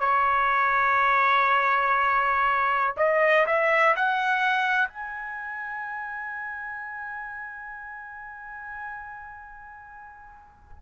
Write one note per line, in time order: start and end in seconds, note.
0.00 2.95 C#5
2.97 3.46 D#5
3.46 3.96 E5
3.96 4.88 F#5
4.88 10.78 G#5